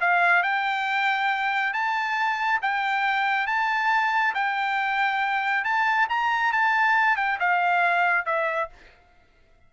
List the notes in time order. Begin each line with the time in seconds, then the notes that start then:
0.00 F5
0.43 G5
1.73 A5
2.61 G5
3.47 A5
4.34 G5
5.64 A5
6.09 A#5
6.52 A5
7.16 G5
7.39 F5
8.25 E5